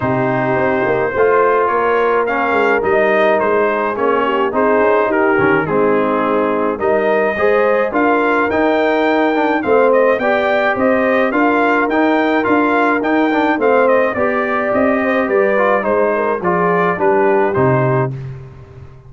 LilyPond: <<
  \new Staff \with { instrumentName = "trumpet" } { \time 4/4 \tempo 4 = 106 c''2. cis''4 | f''4 dis''4 c''4 cis''4 | c''4 ais'4 gis'2 | dis''2 f''4 g''4~ |
g''4 f''8 dis''8 g''4 dis''4 | f''4 g''4 f''4 g''4 | f''8 dis''8 d''4 dis''4 d''4 | c''4 d''4 b'4 c''4 | }
  \new Staff \with { instrumentName = "horn" } { \time 4/4 g'2 c''4 ais'4~ | ais'2~ ais'8 gis'4 g'8 | gis'4 g'4 dis'2 | ais'4 c''4 ais'2~ |
ais'4 c''4 d''4 c''4 | ais'1 | c''4 d''4. c''8 b'4 | c''8 ais'8 gis'4 g'2 | }
  \new Staff \with { instrumentName = "trombone" } { \time 4/4 dis'2 f'2 | cis'4 dis'2 cis'4 | dis'4. cis'8 c'2 | dis'4 gis'4 f'4 dis'4~ |
dis'8 d'8 c'4 g'2 | f'4 dis'4 f'4 dis'8 d'8 | c'4 g'2~ g'8 f'8 | dis'4 f'4 d'4 dis'4 | }
  \new Staff \with { instrumentName = "tuba" } { \time 4/4 c4 c'8 ais8 a4 ais4~ | ais8 gis8 g4 gis4 ais4 | c'8 cis'8 dis'8 dis8 gis2 | g4 gis4 d'4 dis'4~ |
dis'4 a4 b4 c'4 | d'4 dis'4 d'4 dis'4 | a4 b4 c'4 g4 | gis4 f4 g4 c4 | }
>>